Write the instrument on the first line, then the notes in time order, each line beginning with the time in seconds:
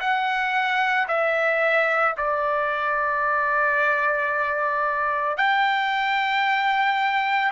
trumpet
0.00 F#5
1.08 E5
2.17 D5
5.37 G5